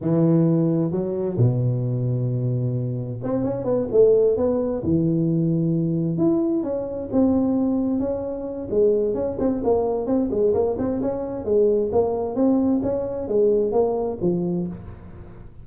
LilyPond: \new Staff \with { instrumentName = "tuba" } { \time 4/4 \tempo 4 = 131 e2 fis4 b,4~ | b,2. c'8 cis'8 | b8 a4 b4 e4.~ | e4. e'4 cis'4 c'8~ |
c'4. cis'4. gis4 | cis'8 c'8 ais4 c'8 gis8 ais8 c'8 | cis'4 gis4 ais4 c'4 | cis'4 gis4 ais4 f4 | }